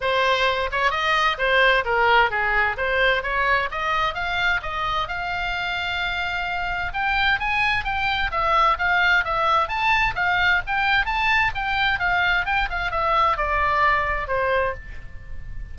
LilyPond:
\new Staff \with { instrumentName = "oboe" } { \time 4/4 \tempo 4 = 130 c''4. cis''8 dis''4 c''4 | ais'4 gis'4 c''4 cis''4 | dis''4 f''4 dis''4 f''4~ | f''2. g''4 |
gis''4 g''4 e''4 f''4 | e''4 a''4 f''4 g''4 | a''4 g''4 f''4 g''8 f''8 | e''4 d''2 c''4 | }